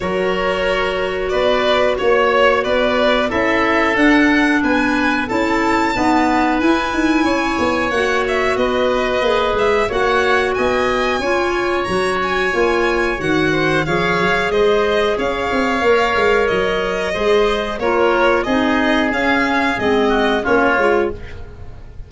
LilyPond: <<
  \new Staff \with { instrumentName = "violin" } { \time 4/4 \tempo 4 = 91 cis''2 d''4 cis''4 | d''4 e''4 fis''4 gis''4 | a''2 gis''2 | fis''8 e''8 dis''4. e''8 fis''4 |
gis''2 ais''8 gis''4. | fis''4 f''4 dis''4 f''4~ | f''4 dis''2 cis''4 | dis''4 f''4 dis''4 cis''4 | }
  \new Staff \with { instrumentName = "oboe" } { \time 4/4 ais'2 b'4 cis''4 | b'4 a'2 b'4 | a'4 b'2 cis''4~ | cis''4 b'2 cis''4 |
dis''4 cis''2.~ | cis''8 c''8 cis''4 c''4 cis''4~ | cis''2 c''4 ais'4 | gis'2~ gis'8 fis'8 f'4 | }
  \new Staff \with { instrumentName = "clarinet" } { \time 4/4 fis'1~ | fis'4 e'4 d'2 | e'4 b4 e'2 | fis'2 gis'4 fis'4~ |
fis'4 f'4 fis'4 f'4 | fis'4 gis'2. | ais'2 gis'4 f'4 | dis'4 cis'4 c'4 cis'8 f'8 | }
  \new Staff \with { instrumentName = "tuba" } { \time 4/4 fis2 b4 ais4 | b4 cis'4 d'4 b4 | cis'4 dis'4 e'8 dis'8 cis'8 b8 | ais4 b4 ais8 gis8 ais4 |
b4 cis'4 fis4 ais4 | dis4 f8 fis8 gis4 cis'8 c'8 | ais8 gis8 fis4 gis4 ais4 | c'4 cis'4 gis4 ais8 gis8 | }
>>